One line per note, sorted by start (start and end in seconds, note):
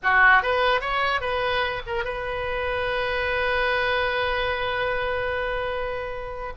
0.02 0.42 F#4
0.42 0.81 B4
0.81 1.20 C#5
1.20 1.81 B4
1.86 2.04 A#4
2.04 6.53 B4